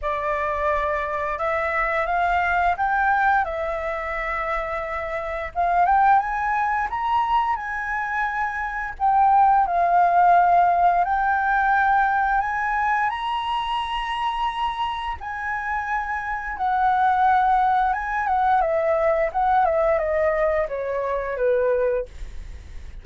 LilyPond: \new Staff \with { instrumentName = "flute" } { \time 4/4 \tempo 4 = 87 d''2 e''4 f''4 | g''4 e''2. | f''8 g''8 gis''4 ais''4 gis''4~ | gis''4 g''4 f''2 |
g''2 gis''4 ais''4~ | ais''2 gis''2 | fis''2 gis''8 fis''8 e''4 | fis''8 e''8 dis''4 cis''4 b'4 | }